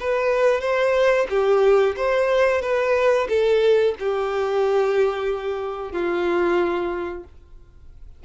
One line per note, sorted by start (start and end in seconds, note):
0.00 0.61 B4
0.61 1.26 C5
1.29 1.95 G4
1.96 2.61 C5
2.61 3.27 B4
3.28 3.94 A4
3.99 5.92 G4
5.92 7.24 F4